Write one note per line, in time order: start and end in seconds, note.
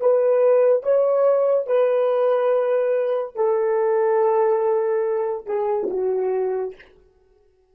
0.00 0.83 B4
0.83 1.66 C#5
1.66 3.35 B4
3.35 5.46 A4
5.46 5.88 G#4
5.90 6.75 F#4